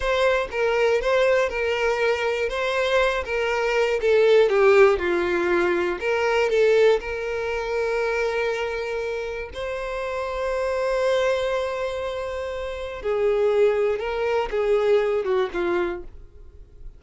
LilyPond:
\new Staff \with { instrumentName = "violin" } { \time 4/4 \tempo 4 = 120 c''4 ais'4 c''4 ais'4~ | ais'4 c''4. ais'4. | a'4 g'4 f'2 | ais'4 a'4 ais'2~ |
ais'2. c''4~ | c''1~ | c''2 gis'2 | ais'4 gis'4. fis'8 f'4 | }